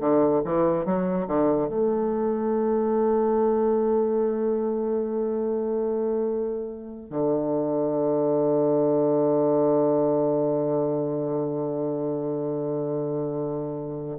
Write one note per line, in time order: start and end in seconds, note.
0.00 0.42 D3
0.45 0.85 E3
0.85 1.27 F#3
1.27 1.69 D3
1.69 7.10 A3
7.10 14.18 D3